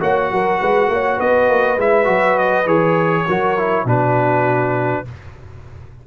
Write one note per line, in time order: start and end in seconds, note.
0.00 0.31 A#3
0.00 1.78 F#4
0.00 0.30 C#5
0.00 1.20 F#5
0.31 0.61 F#3
0.31 0.59 A#4
0.59 0.88 G#3
0.59 0.89 B4
0.88 1.18 A#3
0.88 1.16 C#5
1.16 1.49 B3
1.16 3.24 B4
1.16 1.79 D#5
1.49 1.77 A#3
1.77 2.07 G#3
1.77 2.04 E4
1.77 2.38 E5
2.04 2.66 F#3
2.04 2.64 F#4
2.38 2.67 D#5
2.66 3.25 E3
2.66 3.26 G#4
2.66 3.86 C#5
3.26 3.85 F#3
3.26 3.57 F#4
3.26 3.86 A#4
3.57 3.86 E4
3.85 5.03 B2
3.85 5.05 D4
3.85 5.05 F#4
3.85 5.07 B4